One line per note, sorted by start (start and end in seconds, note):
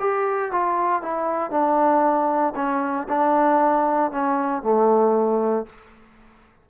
0.00 0.52 G4
0.52 1.02 F4
1.02 1.50 E4
1.50 2.54 D4
2.56 3.07 C#4
3.08 4.11 D4
4.11 4.63 C#4
4.63 5.66 A3